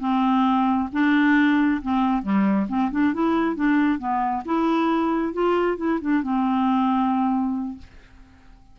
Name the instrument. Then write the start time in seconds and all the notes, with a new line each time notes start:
clarinet
0.00 C4
0.93 D4
1.82 C4
2.23 G3
2.69 C4
2.92 D4
3.14 E4
3.56 D4
3.99 B3
4.46 E4
5.34 F4
5.78 E4
6.01 D4
6.23 C4